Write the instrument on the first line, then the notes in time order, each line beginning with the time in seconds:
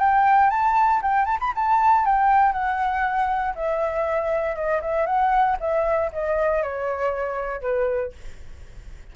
flute
0.00 G5
0.51 A5
1.02 G5
1.26 A5
1.40 B5
1.56 A5
2.06 G5
2.53 F#5
3.56 E5
4.56 D#5
4.82 E5
5.06 F#5
5.60 E5
6.13 D#5
6.63 C#5
7.62 B4